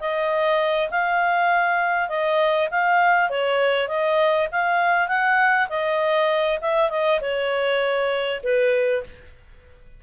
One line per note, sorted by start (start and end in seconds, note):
0.00 0.90 D#5
0.91 2.09 F5
2.09 2.69 D#5
2.71 3.30 F5
3.30 3.88 C#5
3.88 4.48 D#5
4.52 5.08 F5
5.08 5.68 F#5
5.69 6.59 D#5
6.62 6.90 E5
6.90 7.20 D#5
7.21 8.41 C#5
8.43 9.03 B4